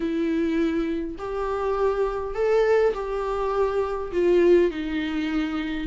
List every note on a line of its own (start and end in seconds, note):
0.00 1.16 E4
1.18 2.34 G4
2.34 2.93 A4
2.94 4.11 G4
4.12 4.70 F4
4.70 5.87 D#4